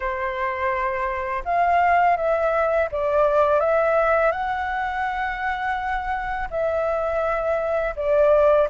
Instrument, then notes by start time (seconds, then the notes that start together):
flute
0.00 C5
1.45 F5
2.16 E5
2.91 D5
3.59 E5
4.31 F#5
6.50 E5
7.96 D5